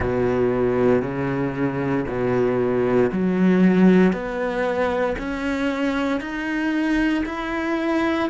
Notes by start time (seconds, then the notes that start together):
0.00 B2
1.02 C#3
2.07 B2
3.11 F#3
4.12 B3
5.18 C#4
6.20 D#4
7.25 E4